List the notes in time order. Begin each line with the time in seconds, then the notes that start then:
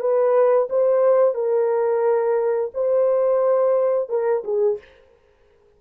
0.00 B4
0.70 C5
1.35 A#4
2.74 C5
4.09 A#4
4.44 G#4